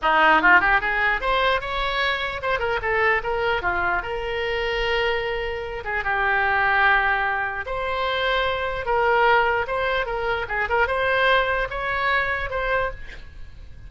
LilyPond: \new Staff \with { instrumentName = "oboe" } { \time 4/4 \tempo 4 = 149 dis'4 f'8 g'8 gis'4 c''4 | cis''2 c''8 ais'8 a'4 | ais'4 f'4 ais'2~ | ais'2~ ais'8 gis'8 g'4~ |
g'2. c''4~ | c''2 ais'2 | c''4 ais'4 gis'8 ais'8 c''4~ | c''4 cis''2 c''4 | }